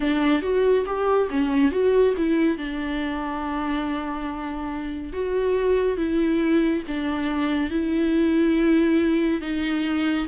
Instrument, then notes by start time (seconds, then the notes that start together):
viola
0.00 D4
0.42 F#4
0.86 G4
1.30 C#4
1.71 F#4
2.17 E4
2.57 D4
5.12 F#4
5.97 E4
6.87 D4
7.70 E4
9.41 D#4